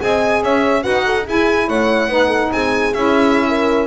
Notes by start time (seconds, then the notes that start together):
0.00 C4 G#4 D#5 G#5
0.43 C#4 C#5 E5
0.81 D#4 F#4 B4 F#5
1.06 A4
1.26 E4 G#4 G#5
1.68 A3 C#5 F#5
2.08 B3 D#4 B4
2.28 A4
2.52 C4 G#4 G#5
2.94 C#4 E4 E5
3.48 A#4